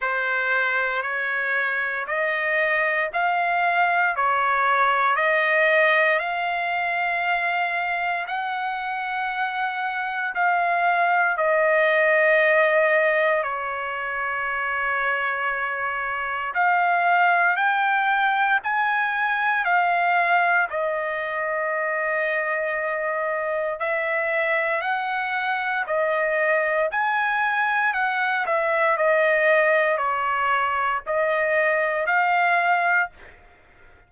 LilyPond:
\new Staff \with { instrumentName = "trumpet" } { \time 4/4 \tempo 4 = 58 c''4 cis''4 dis''4 f''4 | cis''4 dis''4 f''2 | fis''2 f''4 dis''4~ | dis''4 cis''2. |
f''4 g''4 gis''4 f''4 | dis''2. e''4 | fis''4 dis''4 gis''4 fis''8 e''8 | dis''4 cis''4 dis''4 f''4 | }